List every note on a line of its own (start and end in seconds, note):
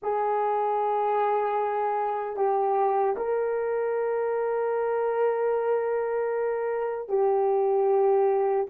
0.02 2.36 G#4
2.36 3.15 G4
3.16 7.08 A#4
7.08 8.66 G4